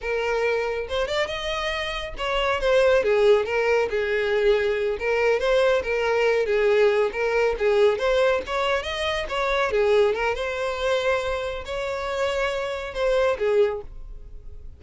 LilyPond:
\new Staff \with { instrumentName = "violin" } { \time 4/4 \tempo 4 = 139 ais'2 c''8 d''8 dis''4~ | dis''4 cis''4 c''4 gis'4 | ais'4 gis'2~ gis'8 ais'8~ | ais'8 c''4 ais'4. gis'4~ |
gis'8 ais'4 gis'4 c''4 cis''8~ | cis''8 dis''4 cis''4 gis'4 ais'8 | c''2. cis''4~ | cis''2 c''4 gis'4 | }